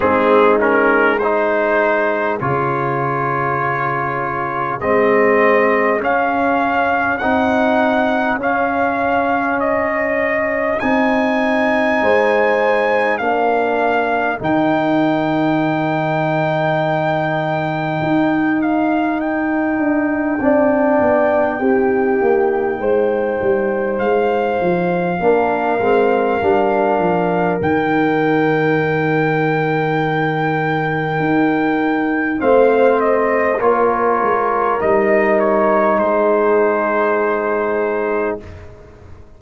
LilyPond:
<<
  \new Staff \with { instrumentName = "trumpet" } { \time 4/4 \tempo 4 = 50 gis'8 ais'8 c''4 cis''2 | dis''4 f''4 fis''4 f''4 | dis''4 gis''2 f''4 | g''2.~ g''8 f''8 |
g''1 | f''2. g''4~ | g''2. f''8 dis''8 | cis''4 dis''8 cis''8 c''2 | }
  \new Staff \with { instrumentName = "horn" } { \time 4/4 dis'4 gis'2.~ | gis'1~ | gis'2 c''4 ais'4~ | ais'1~ |
ais'4 d''4 g'4 c''4~ | c''4 ais'2.~ | ais'2. c''4 | ais'2 gis'2 | }
  \new Staff \with { instrumentName = "trombone" } { \time 4/4 c'8 cis'8 dis'4 f'2 | c'4 cis'4 dis'4 cis'4~ | cis'4 dis'2 d'4 | dis'1~ |
dis'4 d'4 dis'2~ | dis'4 d'8 c'8 d'4 dis'4~ | dis'2. c'4 | f'4 dis'2. | }
  \new Staff \with { instrumentName = "tuba" } { \time 4/4 gis2 cis2 | gis4 cis'4 c'4 cis'4~ | cis'4 c'4 gis4 ais4 | dis2. dis'4~ |
dis'8 d'8 c'8 b8 c'8 ais8 gis8 g8 | gis8 f8 ais8 gis8 g8 f8 dis4~ | dis2 dis'4 a4 | ais8 gis8 g4 gis2 | }
>>